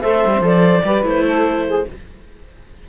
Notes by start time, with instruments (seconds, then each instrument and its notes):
0.00 cello A3, viola A4, saxophone C5, clarinet E5
0.25 cello G3
0.33 viola C4
0.40 cello F3, viola A4, clarinet D5
0.84 cello G3, viola G4, saxophone B4
1.03 cello A3, viola E4, clarinet C5
1.25 saxophone A4
1.67 saxophone G#4